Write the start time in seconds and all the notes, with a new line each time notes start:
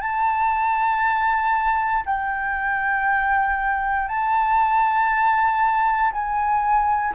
0.00 A5
2.05 G5
4.08 A5
6.12 G#5